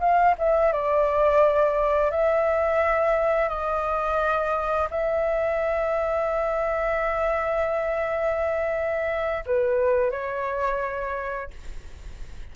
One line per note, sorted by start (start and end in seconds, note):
0.00 0.35 F5
0.39 0.72 E5
0.72 2.11 D5
2.11 3.49 E5
3.49 4.88 D#5
4.91 9.44 E5
9.46 10.11 B4
10.11 11.51 C#5